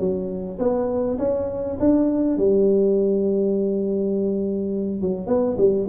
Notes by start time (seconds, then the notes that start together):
0.00 F#3
0.59 B3
1.18 C#4
1.80 D4
2.38 G3
5.01 F#3
5.27 B3
5.58 G3